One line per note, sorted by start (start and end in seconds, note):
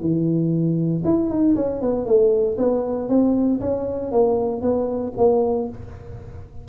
0.00 1.03 E3
1.04 1.29 E4
1.29 1.55 D#4
1.55 1.81 C#4
1.81 2.05 B3
2.05 2.56 A3
2.57 3.08 B3
3.09 3.60 C4
3.60 4.11 C#4
4.11 4.61 A#3
4.61 5.12 B3
5.17 5.68 A#3